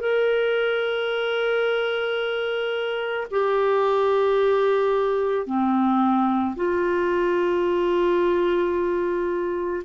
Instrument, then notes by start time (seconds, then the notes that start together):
clarinet
0.00 A#4
3.31 G4
5.46 C4
6.56 F4